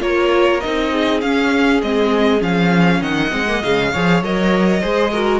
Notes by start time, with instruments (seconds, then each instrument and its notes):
0.00 cello A#3, viola F4, violin A#4 C#5
0.61 cello C4, viola D#4, violin D#5
0.93 violin G#4
1.21 viola C#4, cello C#4, violin F5
1.82 cello G#3, viola C4, violin D#5
2.39 cello F3, viola C#4, violin F5
3.02 cello D#3, violin D#5 F#5
3.30 cello G#3, viola C4
3.48 viola A#3
3.63 cello C#3, viola G#3, violin F5
3.92 cello F3, viola G#4, violin C#5
4.23 cello F#3, viola A#4, violin D#5
4.81 cello G#3, viola G#4, violin C5
5.12 viola F#4, violin A#4